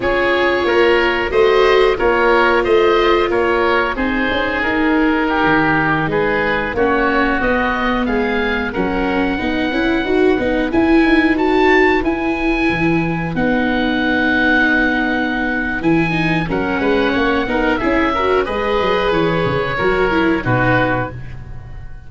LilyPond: <<
  \new Staff \with { instrumentName = "oboe" } { \time 4/4 \tempo 4 = 91 cis''2 dis''4 cis''4 | dis''4 cis''4 c''4 ais'4~ | ais'4~ ais'16 b'4 cis''4 dis''8.~ | dis''16 f''4 fis''2~ fis''8.~ |
fis''16 gis''4 a''4 gis''4.~ gis''16~ | gis''16 fis''2.~ fis''8. | gis''4 fis''2 e''4 | dis''4 cis''2 b'4 | }
  \new Staff \with { instrumentName = "oboe" } { \time 4/4 gis'4 ais'4 c''4 ais'4 | c''4 ais'4 gis'2 | g'4~ g'16 gis'4 fis'4.~ fis'16~ | fis'16 gis'4 ais'4 b'4.~ b'16~ |
b'1~ | b'1~ | b'4 ais'8 b'8 cis''8 ais'8 gis'8 ais'8 | b'2 ais'4 fis'4 | }
  \new Staff \with { instrumentName = "viola" } { \time 4/4 f'2 fis'4 f'4~ | f'2 dis'2~ | dis'2~ dis'16 cis'4 b8.~ | b4~ b16 cis'4 dis'8 e'8 fis'8 dis'16~ |
dis'16 e'4 fis'4 e'4.~ e'16~ | e'16 dis'2.~ dis'8. | e'8 dis'8 cis'4. dis'8 e'8 fis'8 | gis'2 fis'8 e'8 dis'4 | }
  \new Staff \with { instrumentName = "tuba" } { \time 4/4 cis'4 ais4 a4 ais4 | a4 ais4 c'8 cis'8 dis'4~ | dis'16 dis4 gis4 ais4 b8.~ | b16 gis4 fis4 b8 cis'8 dis'8 b16~ |
b16 e'8 dis'4. e'4 e8.~ | e16 b2.~ b8. | e4 fis8 gis8 ais8 b8 cis'4 | gis8 fis8 e8 cis8 fis4 b,4 | }
>>